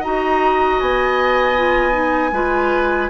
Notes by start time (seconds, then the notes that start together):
0.00 D#4 F#4 D#5 A#5
0.80 B3 G#5
1.56 F4
1.92 D#4
2.32 G#3 F4 B4